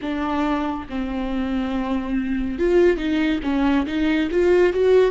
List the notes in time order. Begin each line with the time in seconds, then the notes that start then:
0.01 D4
0.89 C4
2.59 F4
2.97 D#4
3.43 C#4
3.86 D#4
4.31 F4
4.73 F#4